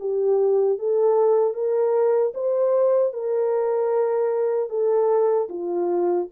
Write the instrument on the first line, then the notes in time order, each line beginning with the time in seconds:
horn
0.00 G4
0.79 A4
1.54 A#4
2.34 C5
3.13 A#4
4.70 A4
5.49 F4